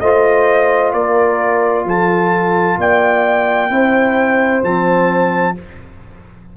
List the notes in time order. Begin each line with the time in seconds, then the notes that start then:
0.00 A3 F4 C5 D#5
0.93 A#3 A#4 D5
1.85 F3 A4 A5
2.77 A#3 D5 G5
3.70 C4 E4 C5
4.62 F3 C4 A5